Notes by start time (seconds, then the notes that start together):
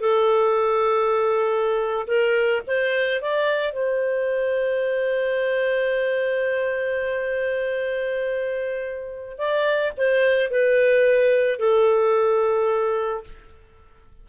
0.00 A4
2.07 A#4
2.67 C5
3.22 D5
3.73 C5
9.38 D5
9.97 C5
10.51 B4
11.59 A4